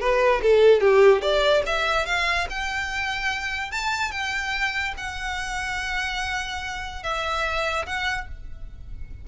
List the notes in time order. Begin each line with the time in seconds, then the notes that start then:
0.00 B4
0.42 A4
0.81 G4
1.22 D5
1.66 E5
2.06 F5
2.50 G5
3.71 A5
4.12 G5
4.97 F#5
7.03 E5
7.86 F#5